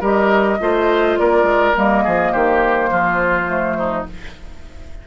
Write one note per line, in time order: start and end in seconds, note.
0.00 0.59 G3
0.00 0.59 G4
0.00 0.58 A#4
0.00 1.18 D#5
0.60 1.18 A3
0.60 1.74 F4
0.60 1.19 C5
1.18 1.43 A#3
1.18 2.03 A#4
1.18 1.75 D5
1.43 1.71 G#3
1.74 2.06 G3
1.74 3.47 A#3
1.74 2.33 D#5
2.03 2.34 F3
2.03 2.32 G#4
2.32 2.91 D#3
2.32 2.90 G4
2.32 4.06 C5
2.90 4.06 F3
2.90 3.77 F4
3.47 4.04 A3
3.78 4.07 D#4